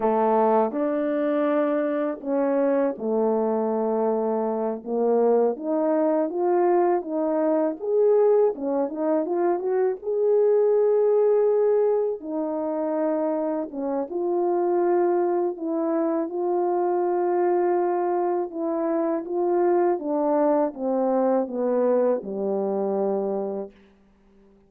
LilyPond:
\new Staff \with { instrumentName = "horn" } { \time 4/4 \tempo 4 = 81 a4 d'2 cis'4 | a2~ a8 ais4 dis'8~ | dis'8 f'4 dis'4 gis'4 cis'8 | dis'8 f'8 fis'8 gis'2~ gis'8~ |
gis'8 dis'2 cis'8 f'4~ | f'4 e'4 f'2~ | f'4 e'4 f'4 d'4 | c'4 b4 g2 | }